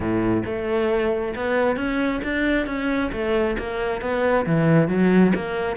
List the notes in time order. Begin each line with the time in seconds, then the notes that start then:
0.00 A2
0.45 A3
1.35 B3
1.76 C#4
2.23 D4
2.66 C#4
3.12 A3
3.58 A#3
4.01 B3
4.45 E3
4.88 F#3
5.35 A#3